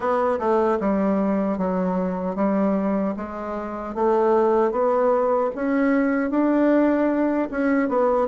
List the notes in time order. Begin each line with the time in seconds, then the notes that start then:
0.00 B3
0.39 A3
0.80 G3
1.58 F#3
2.35 G3
3.16 G#3
3.95 A3
4.71 B3
5.55 C#4
6.30 D4
7.50 C#4
7.88 B3